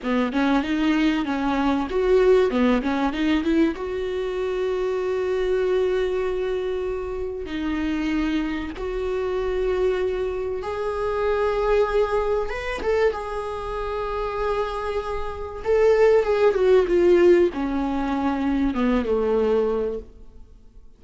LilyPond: \new Staff \with { instrumentName = "viola" } { \time 4/4 \tempo 4 = 96 b8 cis'8 dis'4 cis'4 fis'4 | b8 cis'8 dis'8 e'8 fis'2~ | fis'1 | dis'2 fis'2~ |
fis'4 gis'2. | b'8 a'8 gis'2.~ | gis'4 a'4 gis'8 fis'8 f'4 | cis'2 b8 a4. | }